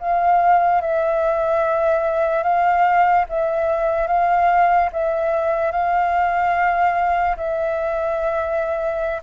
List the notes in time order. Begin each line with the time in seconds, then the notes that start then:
0.00 F5
0.82 E5
2.44 F5
3.30 E5
4.08 F5
4.93 E5
5.72 F5
7.37 E5